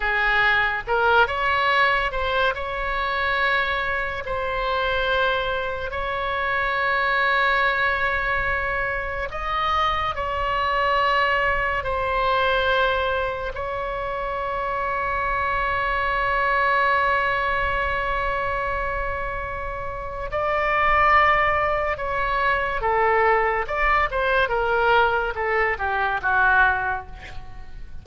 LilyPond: \new Staff \with { instrumentName = "oboe" } { \time 4/4 \tempo 4 = 71 gis'4 ais'8 cis''4 c''8 cis''4~ | cis''4 c''2 cis''4~ | cis''2. dis''4 | cis''2 c''2 |
cis''1~ | cis''1 | d''2 cis''4 a'4 | d''8 c''8 ais'4 a'8 g'8 fis'4 | }